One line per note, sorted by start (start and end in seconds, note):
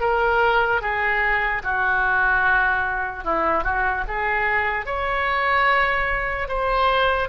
0.00 0.81 A#4
0.81 1.62 G#4
1.63 3.24 F#4
3.24 3.63 E4
3.63 4.04 F#4
4.07 4.86 G#4
4.86 6.48 C#5
6.48 7.28 C5